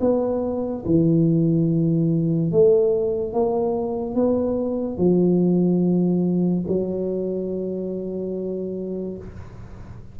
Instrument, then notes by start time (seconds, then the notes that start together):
tuba
0.00 B3
0.85 E3
2.52 A3
3.33 A#3
4.14 B3
4.97 F3
6.67 F#3